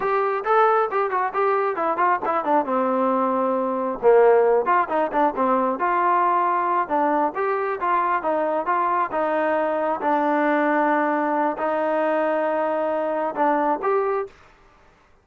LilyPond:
\new Staff \with { instrumentName = "trombone" } { \time 4/4 \tempo 4 = 135 g'4 a'4 g'8 fis'8 g'4 | e'8 f'8 e'8 d'8 c'2~ | c'4 ais4. f'8 dis'8 d'8 | c'4 f'2~ f'8 d'8~ |
d'8 g'4 f'4 dis'4 f'8~ | f'8 dis'2 d'4.~ | d'2 dis'2~ | dis'2 d'4 g'4 | }